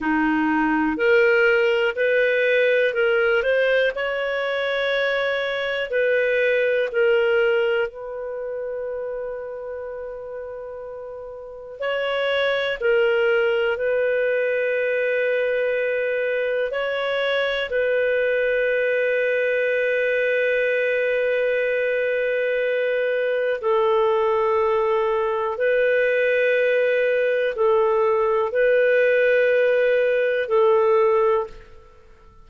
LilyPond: \new Staff \with { instrumentName = "clarinet" } { \time 4/4 \tempo 4 = 61 dis'4 ais'4 b'4 ais'8 c''8 | cis''2 b'4 ais'4 | b'1 | cis''4 ais'4 b'2~ |
b'4 cis''4 b'2~ | b'1 | a'2 b'2 | a'4 b'2 a'4 | }